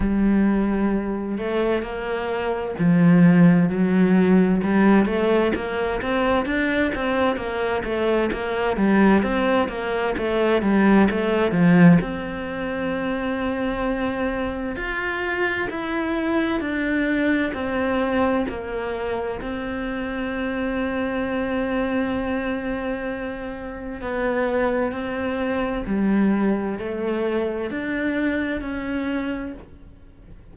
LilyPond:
\new Staff \with { instrumentName = "cello" } { \time 4/4 \tempo 4 = 65 g4. a8 ais4 f4 | fis4 g8 a8 ais8 c'8 d'8 c'8 | ais8 a8 ais8 g8 c'8 ais8 a8 g8 | a8 f8 c'2. |
f'4 e'4 d'4 c'4 | ais4 c'2.~ | c'2 b4 c'4 | g4 a4 d'4 cis'4 | }